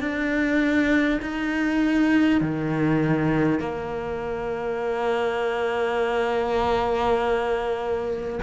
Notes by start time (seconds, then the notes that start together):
0.00 D4
1.22 D#4
2.40 D#3
3.59 A#3